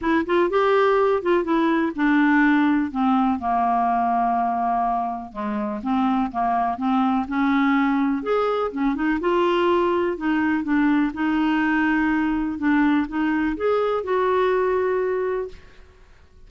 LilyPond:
\new Staff \with { instrumentName = "clarinet" } { \time 4/4 \tempo 4 = 124 e'8 f'8 g'4. f'8 e'4 | d'2 c'4 ais4~ | ais2. gis4 | c'4 ais4 c'4 cis'4~ |
cis'4 gis'4 cis'8 dis'8 f'4~ | f'4 dis'4 d'4 dis'4~ | dis'2 d'4 dis'4 | gis'4 fis'2. | }